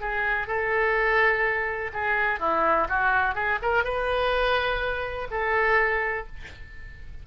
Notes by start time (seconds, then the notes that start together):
0.00 G#4
0.47 A4
1.93 G#4
2.39 E4
2.89 F#4
3.35 G#4
3.62 A#4
3.84 B4
5.31 A4